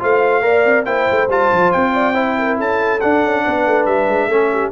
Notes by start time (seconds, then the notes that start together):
0.00 A3 F4 C5 F5
0.42 A#3 A#4 D5
0.65 C4
0.85 A#3 E4 C5 G5
1.11 A3
1.28 G3 F4 A5
1.52 F3
1.72 C4 G5
1.93 D5
2.14 E4 C5
2.38 A#4
2.58 C#4 A4 A5
3.01 D4 F#5
3.24 C#4
3.45 B3 B4
3.67 A3
3.86 G3 E5
4.08 G#3
4.28 A3 C#4 A4
4.52 G4